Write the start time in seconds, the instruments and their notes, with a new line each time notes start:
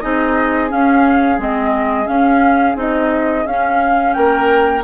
0.00 bassoon C4, clarinet D#4, oboe G#4, flute D#5
0.69 clarinet C#4, bassoon C#4, flute F5
1.38 bassoon G#3, clarinet C4, flute D#5
2.05 clarinet C#4, bassoon C#4, flute F5
2.75 bassoon C4, clarinet D#4, flute D#5
3.46 bassoon C#4, clarinet C#4, flute F5
4.13 bassoon A#3, oboe A#4, flute G5